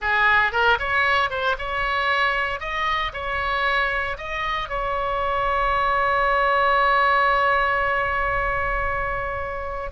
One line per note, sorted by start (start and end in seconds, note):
0.01 0.52 G#4
0.52 0.78 A#4
0.79 1.29 C#5
1.29 1.56 C5
1.58 2.59 C#5
2.59 3.12 D#5
3.13 4.17 C#5
4.17 4.69 D#5
4.69 9.90 C#5